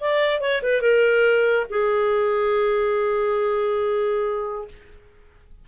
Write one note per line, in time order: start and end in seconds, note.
0.00 0.40 D5
0.40 0.62 C#5
0.62 0.81 B4
0.81 1.66 A#4
1.69 4.67 G#4